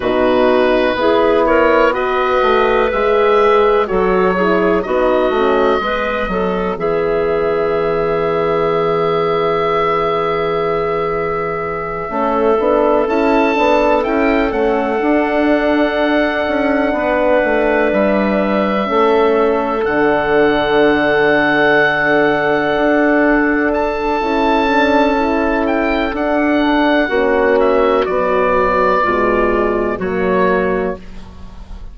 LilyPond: <<
  \new Staff \with { instrumentName = "oboe" } { \time 4/4 \tempo 4 = 62 b'4. cis''8 dis''4 e''4 | cis''4 dis''2 e''4~ | e''1~ | e''4. a''4 g''8 fis''4~ |
fis''2~ fis''8 e''4.~ | e''8 fis''2.~ fis''8~ | fis''8 a''2 g''8 fis''4~ | fis''8 e''8 d''2 cis''4 | }
  \new Staff \with { instrumentName = "clarinet" } { \time 4/4 fis'4 gis'8 ais'8 b'2 | a'8 gis'8 fis'4 b'8 a'8 gis'4~ | gis'1~ | gis'8 a'2.~ a'8~ |
a'4. b'2 a'8~ | a'1~ | a'1 | fis'2 f'4 fis'4 | }
  \new Staff \with { instrumentName = "horn" } { \time 4/4 dis'4 e'4 fis'4 gis'4 | fis'8 e'8 dis'8 cis'8 b2~ | b1~ | b8 cis'8 d'8 e'8 d'8 e'8 cis'8 d'8~ |
d'2.~ d'8 cis'8~ | cis'8 d'2.~ d'8~ | d'4 e'8 d'8 e'4 d'4 | cis'4 fis4 gis4 ais4 | }
  \new Staff \with { instrumentName = "bassoon" } { \time 4/4 b,4 b4. a8 gis4 | fis4 b8 a8 gis8 fis8 e4~ | e1~ | e8 a8 b8 cis'8 b8 cis'8 a8 d'8~ |
d'4 cis'8 b8 a8 g4 a8~ | a8 d2. d'8~ | d'4 cis'2 d'4 | ais4 b4 b,4 fis4 | }
>>